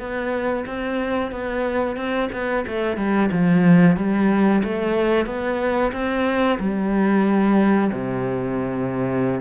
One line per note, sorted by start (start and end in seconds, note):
0.00 0.66 B3
0.67 1.32 C4
1.32 1.97 B3
1.97 2.30 C4
2.33 2.66 B3
2.67 2.97 A3
2.97 3.30 G3
3.32 3.97 F3
3.97 4.63 G3
4.64 5.27 A3
5.27 5.93 B3
5.93 6.59 C4
6.60 7.91 G3
7.92 9.41 C3